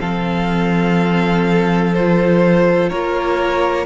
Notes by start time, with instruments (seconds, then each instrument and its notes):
0.00 cello F3, viola C4, violin A4 F5
1.94 viola F4, violin C5
2.90 cello A#3, violin A#4 C#5